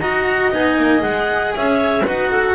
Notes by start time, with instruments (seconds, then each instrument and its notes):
0.00 double bass D#4, cello F#4, clarinet D#5 A#5
0.52 double bass B3, cello D#4, clarinet G#5
0.78 double bass A#3
0.99 double bass G#3, cello G#4, clarinet F#5
1.55 double bass C#4, clarinet C#5 E5
2.05 double bass D#4, cello F#4, clarinet B4 F#5
2.31 clarinet A4